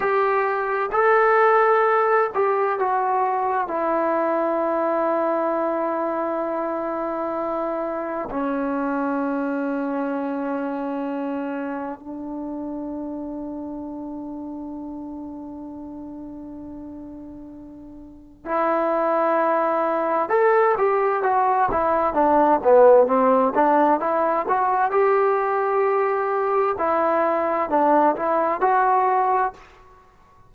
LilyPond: \new Staff \with { instrumentName = "trombone" } { \time 4/4 \tempo 4 = 65 g'4 a'4. g'8 fis'4 | e'1~ | e'4 cis'2.~ | cis'4 d'2.~ |
d'1 | e'2 a'8 g'8 fis'8 e'8 | d'8 b8 c'8 d'8 e'8 fis'8 g'4~ | g'4 e'4 d'8 e'8 fis'4 | }